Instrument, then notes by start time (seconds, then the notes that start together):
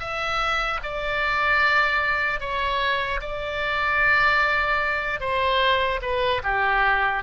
oboe
0.00 E5
0.84 D5
2.41 C#5
3.21 D5
5.20 C5
6.02 B4
6.44 G4